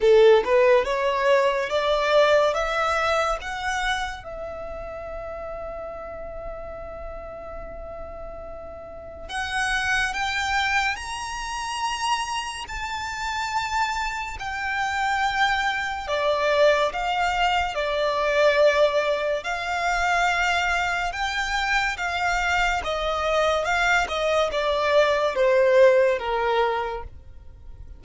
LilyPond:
\new Staff \with { instrumentName = "violin" } { \time 4/4 \tempo 4 = 71 a'8 b'8 cis''4 d''4 e''4 | fis''4 e''2.~ | e''2. fis''4 | g''4 ais''2 a''4~ |
a''4 g''2 d''4 | f''4 d''2 f''4~ | f''4 g''4 f''4 dis''4 | f''8 dis''8 d''4 c''4 ais'4 | }